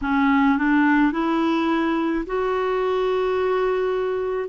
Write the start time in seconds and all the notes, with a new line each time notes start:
0.01 C#4
0.58 D4
1.12 E4
2.26 F#4